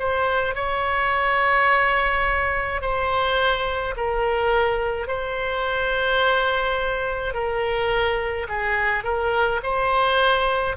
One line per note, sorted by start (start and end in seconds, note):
0.00 0.56 C5
0.56 2.82 C#5
2.82 3.95 C5
3.97 5.08 A#4
5.08 7.34 C5
7.34 8.48 A#4
8.49 9.05 G#4
9.05 9.61 A#4
9.64 10.77 C5